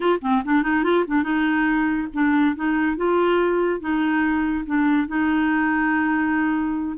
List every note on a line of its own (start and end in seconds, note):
0.00 0.19 F4
0.21 0.42 C4
0.44 0.62 D4
0.62 0.83 D#4
0.83 1.04 F4
1.07 1.23 D4
1.23 2.07 D#4
2.13 2.55 D4
2.55 2.96 D#4
2.96 3.80 F4
3.80 4.64 D#4
4.66 5.07 D4
5.07 6.97 D#4